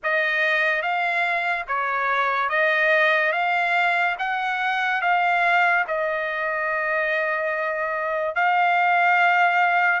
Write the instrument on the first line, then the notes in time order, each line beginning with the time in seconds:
trumpet
0.03 D#5
0.81 F5
1.67 C#5
2.48 D#5
3.32 F5
4.19 F#5
5.01 F5
5.87 D#5
8.35 F5